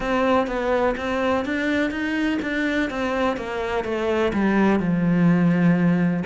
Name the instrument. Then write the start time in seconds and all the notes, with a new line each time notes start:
cello
0.00 C4
0.47 B3
0.97 C4
1.45 D4
1.90 D#4
2.42 D4
2.90 C4
3.36 A#3
3.84 A3
4.33 G3
4.79 F3